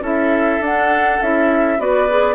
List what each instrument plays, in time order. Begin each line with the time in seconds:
0.00 bassoon C#4, clarinet E4, oboe A4, flute E5
0.60 bassoon D4, clarinet D4, flute F#5
1.21 bassoon C#4, clarinet E4, flute E5
1.78 bassoon B3, clarinet F#4, oboe B4, flute D5
2.08 clarinet G#4